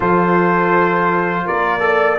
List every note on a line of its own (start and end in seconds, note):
0.00 1.46 F3
0.00 1.80 F4
0.00 1.45 A4
0.00 1.47 C5
1.45 2.18 A#3
1.45 1.81 A#4
1.45 2.18 D5
1.80 2.16 A4
1.80 2.18 D5